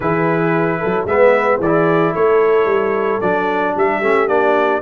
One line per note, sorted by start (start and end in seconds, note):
0.00 0.79 E3
0.00 1.08 E4
0.00 0.79 G#4
0.00 1.06 B4
0.79 1.04 F#3
0.79 1.06 A4
1.04 1.58 G#3
1.04 1.61 B3
1.04 1.59 B4
1.04 1.60 E5
1.58 2.12 E3
1.58 2.13 G#4
1.58 2.14 D5
1.65 3.22 E4
2.14 2.65 A3
2.14 3.74 A4
2.14 3.21 C#5
2.65 3.18 G3
3.21 3.75 F#3
3.21 4.02 D4
3.21 3.74 D5
3.76 4.02 G3
3.76 4.82 G4
3.76 4.28 E5
4.02 4.28 A3
4.02 4.28 C#4
4.28 4.81 A#3
4.28 4.81 D4
4.28 4.81 D5